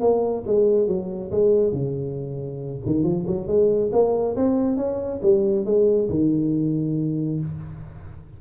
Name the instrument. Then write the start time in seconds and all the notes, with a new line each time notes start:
tuba
0.00 A#3
0.46 G#3
0.87 F#3
1.31 G#3
1.72 C#3
2.86 D#3
3.04 F3
3.26 F#3
3.47 G#3
3.92 A#3
4.36 C4
4.77 C#4
5.22 G3
5.65 G#3
6.09 D#3